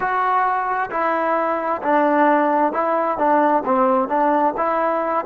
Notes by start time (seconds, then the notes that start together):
0.00 F#4
0.90 E4
1.82 D4
2.73 E4
3.17 D4
3.65 C4
4.08 D4
4.57 E4